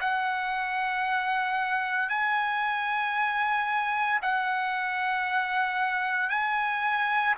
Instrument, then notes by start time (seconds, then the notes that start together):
trumpet
0.00 F#5
2.09 G#5
4.22 F#5
6.29 G#5